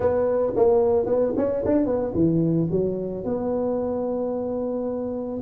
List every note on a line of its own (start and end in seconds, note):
0.00 0.53 B3
0.56 1.05 A#3
1.05 1.32 B3
1.37 1.64 C#4
1.65 1.86 D4
1.86 2.13 B3
2.14 2.68 E3
2.71 3.24 F#3
3.24 5.40 B3